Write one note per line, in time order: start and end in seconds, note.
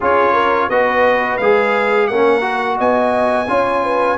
0.00 0.69 C#4
0.00 0.70 F4
0.00 0.32 G#4
0.00 0.69 C#5
0.32 0.67 A#4
0.69 1.38 B3
0.69 1.40 F#4
0.69 2.10 B4
0.69 1.37 D#5
1.37 2.09 G#3
1.37 2.11 G#4
1.37 2.07 F5
2.07 2.79 A#3
2.07 2.41 C#4
2.07 2.77 A#4
2.07 2.77 F#5
2.41 3.45 F#4
2.77 3.48 B3
2.77 3.47 D#5
2.77 4.17 G#5
3.48 4.17 C#4
3.48 4.17 F4
3.48 3.83 C#5
3.83 4.17 B4